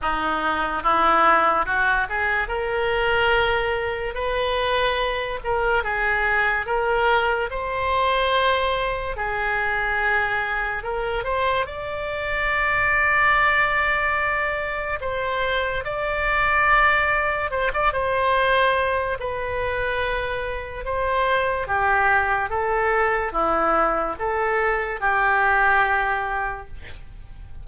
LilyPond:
\new Staff \with { instrumentName = "oboe" } { \time 4/4 \tempo 4 = 72 dis'4 e'4 fis'8 gis'8 ais'4~ | ais'4 b'4. ais'8 gis'4 | ais'4 c''2 gis'4~ | gis'4 ais'8 c''8 d''2~ |
d''2 c''4 d''4~ | d''4 c''16 d''16 c''4. b'4~ | b'4 c''4 g'4 a'4 | e'4 a'4 g'2 | }